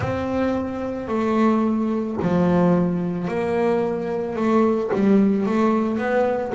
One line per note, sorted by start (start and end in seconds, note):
0.00 1.08 C4
1.08 2.17 A3
2.22 3.27 F3
3.27 4.35 A#3
4.35 4.90 A3
4.93 5.45 G3
5.45 5.98 A3
5.98 6.52 B3